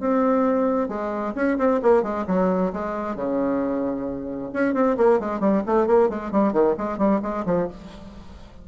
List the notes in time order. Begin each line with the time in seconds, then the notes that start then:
0.00 C4
0.88 G#3
1.35 C#4
1.58 C4
1.83 A#3
2.03 G#3
2.27 F#3
2.73 G#3
3.15 C#3
4.53 C#4
4.74 C4
4.97 A#3
5.19 G#3
5.40 G3
5.67 A3
5.87 A#3
6.09 G#3
6.31 G3
6.53 D#3
6.78 G#3
6.98 G3
7.22 G#3
7.46 F3